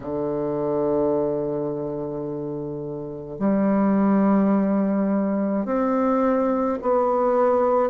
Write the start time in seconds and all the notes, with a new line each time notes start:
0.00 D3
3.39 G3
5.64 C4
6.82 B3